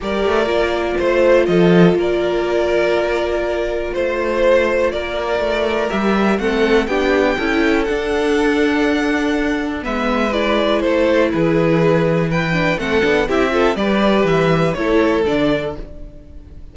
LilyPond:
<<
  \new Staff \with { instrumentName = "violin" } { \time 4/4 \tempo 4 = 122 d''2 c''4 dis''4 | d''1 | c''2 d''2 | e''4 fis''4 g''2 |
fis''1 | e''4 d''4 c''4 b'4~ | b'4 g''4 fis''4 e''4 | d''4 e''4 cis''4 d''4 | }
  \new Staff \with { instrumentName = "violin" } { \time 4/4 ais'2 c''4 a'4 | ais'1 | c''2 ais'2~ | ais'4 a'4 g'4 a'4~ |
a'1 | b'2 a'4 gis'4~ | gis'4 b'4 a'4 g'8 a'8 | b'2 a'2 | }
  \new Staff \with { instrumentName = "viola" } { \time 4/4 g'4 f'2.~ | f'1~ | f'1 | g'4 c'4 d'4 e'4 |
d'1 | b4 e'2.~ | e'4. d'8 c'8 d'8 e'8 f'8 | g'2 e'4 d'4 | }
  \new Staff \with { instrumentName = "cello" } { \time 4/4 g8 a8 ais4 a4 f4 | ais1 | a2 ais4 a4 | g4 a4 b4 cis'4 |
d'1 | gis2 a4 e4~ | e2 a8 b8 c'4 | g4 e4 a4 d4 | }
>>